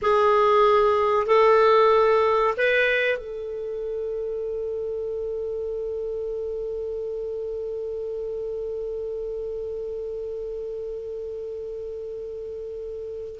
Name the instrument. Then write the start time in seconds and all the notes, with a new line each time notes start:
clarinet
0.01 G#4
1.26 A4
2.57 B4
3.18 A4